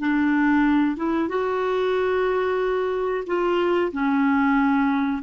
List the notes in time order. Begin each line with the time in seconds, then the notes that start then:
0.00 D4
0.97 E4
1.29 F#4
3.27 F4
3.93 C#4